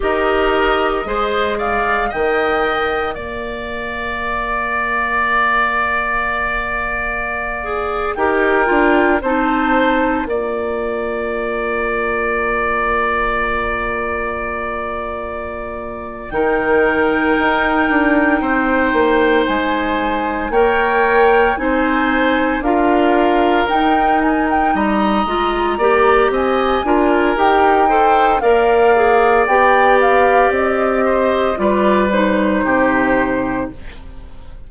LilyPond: <<
  \new Staff \with { instrumentName = "flute" } { \time 4/4 \tempo 4 = 57 dis''4. f''8 g''4 f''4~ | f''2.~ f''8. g''16~ | g''8. a''4 ais''2~ ais''16~ | ais''2.~ ais''8 g''8~ |
g''2~ g''8 gis''4 g''8~ | g''8 gis''4 f''4 g''8 gis''16 g''16 ais''8~ | ais''4 gis''4 g''4 f''4 | g''8 f''8 dis''4 d''8 c''4. | }
  \new Staff \with { instrumentName = "oboe" } { \time 4/4 ais'4 c''8 d''8 dis''4 d''4~ | d''2.~ d''8. ais'16~ | ais'8. c''4 d''2~ d''16~ | d''2.~ d''8 ais'8~ |
ais'4. c''2 cis''8~ | cis''8 c''4 ais'2 dis''8~ | dis''8 d''8 dis''8 ais'4 c''8 d''4~ | d''4. c''8 b'4 g'4 | }
  \new Staff \with { instrumentName = "clarinet" } { \time 4/4 g'4 gis'4 ais'2~ | ais'2.~ ais'16 gis'8 g'16~ | g'16 f'8 dis'4 f'2~ f'16~ | f'2.~ f'8 dis'8~ |
dis'2.~ dis'8 ais'8~ | ais'8 dis'4 f'4 dis'4. | f'8 g'4 f'8 g'8 a'8 ais'8 gis'8 | g'2 f'8 dis'4. | }
  \new Staff \with { instrumentName = "bassoon" } { \time 4/4 dis'4 gis4 dis4 ais4~ | ais2.~ ais8. dis'16~ | dis'16 d'8 c'4 ais2~ ais16~ | ais2.~ ais8 dis8~ |
dis8 dis'8 d'8 c'8 ais8 gis4 ais8~ | ais8 c'4 d'4 dis'4 g8 | gis8 ais8 c'8 d'8 dis'4 ais4 | b4 c'4 g4 c4 | }
>>